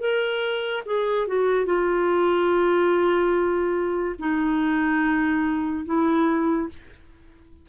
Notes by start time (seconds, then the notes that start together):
0.00 A#4
0.86 G#4
1.27 F#4
1.66 F4
4.19 D#4
5.86 E4